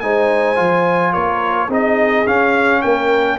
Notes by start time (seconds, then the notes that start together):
0.00 G#3 D#4 C5 G#5
0.56 F3 F4
1.13 A#3 A#4 C#5
1.68 C4 D#4 G#4 D#5
2.26 C#4 F5
2.82 A#3 A#4 G5